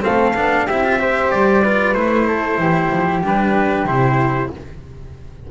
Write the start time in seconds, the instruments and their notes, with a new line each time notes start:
0.00 cello C4, flute A4, trumpet F5
0.07 double bass A3
0.36 double bass B3, cello D4
0.66 double bass C4, cello E4, flute G4, trumpet E5
0.84 cello F4
0.99 cello G4, flute C5
1.31 double bass G3, trumpet D5
1.63 cello F4, flute B4
1.93 double bass A3, cello E4, trumpet C5
2.26 flute A4
2.58 double bass E3, flute G4
2.91 double bass F3
3.21 double bass G3, cello D4, trumpet B4
3.85 double bass C3, cello E4, trumpet C5